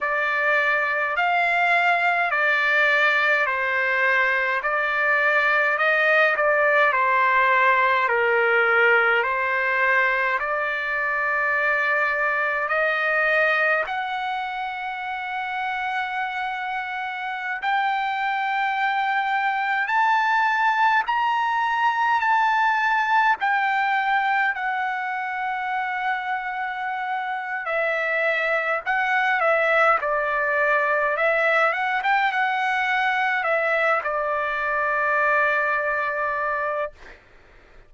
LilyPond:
\new Staff \with { instrumentName = "trumpet" } { \time 4/4 \tempo 4 = 52 d''4 f''4 d''4 c''4 | d''4 dis''8 d''8 c''4 ais'4 | c''4 d''2 dis''4 | fis''2.~ fis''16 g''8.~ |
g''4~ g''16 a''4 ais''4 a''8.~ | a''16 g''4 fis''2~ fis''8. | e''4 fis''8 e''8 d''4 e''8 fis''16 g''16 | fis''4 e''8 d''2~ d''8 | }